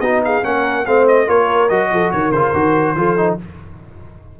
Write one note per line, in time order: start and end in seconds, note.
0.00 0.42 B3
0.00 0.43 D#4
0.00 0.22 F#4
0.00 0.21 D#5
0.24 0.44 G#4
0.24 0.44 F5
0.43 0.86 A#3
0.43 0.85 C#4
0.43 0.86 A#4
0.43 0.85 F#5
0.85 1.28 A3
0.85 1.27 C4
0.85 1.26 C5
0.85 1.06 F5
1.08 1.29 D#5
1.26 1.70 A#3
1.26 1.69 F4
1.26 1.89 A#4
1.26 1.69 C#5
1.69 1.91 F#3
1.69 2.33 F#4
1.69 2.11 D#5
1.91 2.12 F3
1.91 2.13 A4
2.11 2.31 D#3
2.11 2.97 A#4
2.11 2.31 C#5
2.31 2.52 C#3
2.31 2.54 F4
2.31 3.36 C5
2.53 2.95 D#3
2.53 2.96 F#4
2.95 3.37 F3
2.95 3.17 F4
2.95 3.40 A4
3.17 3.38 D#4